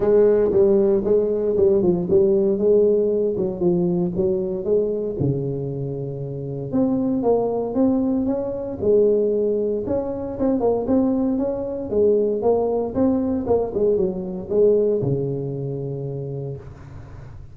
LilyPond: \new Staff \with { instrumentName = "tuba" } { \time 4/4 \tempo 4 = 116 gis4 g4 gis4 g8 f8 | g4 gis4. fis8 f4 | fis4 gis4 cis2~ | cis4 c'4 ais4 c'4 |
cis'4 gis2 cis'4 | c'8 ais8 c'4 cis'4 gis4 | ais4 c'4 ais8 gis8 fis4 | gis4 cis2. | }